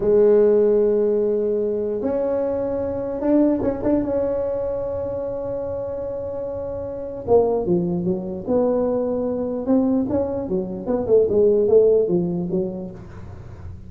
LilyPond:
\new Staff \with { instrumentName = "tuba" } { \time 4/4 \tempo 4 = 149 gis1~ | gis4 cis'2. | d'4 cis'8 d'8 cis'2~ | cis'1~ |
cis'2 ais4 f4 | fis4 b2. | c'4 cis'4 fis4 b8 a8 | gis4 a4 f4 fis4 | }